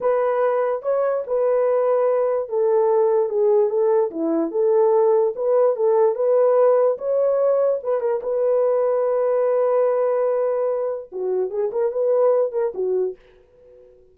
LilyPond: \new Staff \with { instrumentName = "horn" } { \time 4/4 \tempo 4 = 146 b'2 cis''4 b'4~ | b'2 a'2 | gis'4 a'4 e'4 a'4~ | a'4 b'4 a'4 b'4~ |
b'4 cis''2 b'8 ais'8 | b'1~ | b'2. fis'4 | gis'8 ais'8 b'4. ais'8 fis'4 | }